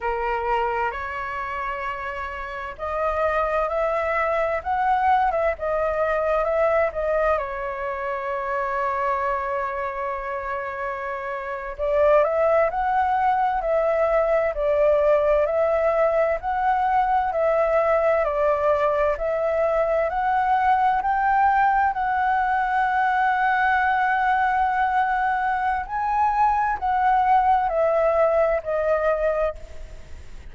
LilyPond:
\new Staff \with { instrumentName = "flute" } { \time 4/4 \tempo 4 = 65 ais'4 cis''2 dis''4 | e''4 fis''8. e''16 dis''4 e''8 dis''8 | cis''1~ | cis''8. d''8 e''8 fis''4 e''4 d''16~ |
d''8. e''4 fis''4 e''4 d''16~ | d''8. e''4 fis''4 g''4 fis''16~ | fis''1 | gis''4 fis''4 e''4 dis''4 | }